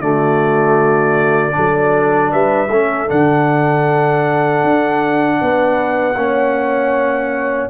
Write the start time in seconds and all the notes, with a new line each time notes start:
0.00 D3 A3 F#4 D5
1.52 F#3 D4 A4
2.32 G3 B4 E5
2.69 A3 C#4 A4
3.07 D3 D4 F#5
4.63 D4
5.41 B3 B4
6.15 A#3 C#4 C#5